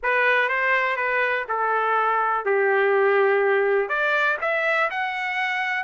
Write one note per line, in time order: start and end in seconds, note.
0.02 0.48 B4
0.48 0.96 C5
0.96 1.45 B4
1.48 2.45 A4
2.45 3.88 G4
3.88 4.37 D5
4.41 4.90 E5
4.90 5.83 F#5